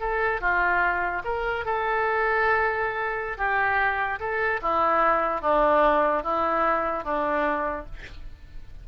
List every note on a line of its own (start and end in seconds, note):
0.00 0.41 A4
0.41 1.23 F4
1.24 1.65 A#4
1.65 3.38 A4
3.38 4.19 G4
4.20 4.60 A4
4.62 5.42 E4
5.42 6.23 D4
6.23 7.04 E4
7.04 7.86 D4